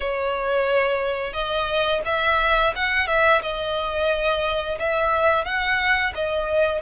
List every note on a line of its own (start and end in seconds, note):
0.00 1.33 C#5
1.33 2.01 D#5
2.05 2.73 E5
2.75 3.07 F#5
3.07 3.41 E5
3.42 4.78 D#5
4.79 5.44 E5
5.44 6.12 F#5
6.15 6.82 D#5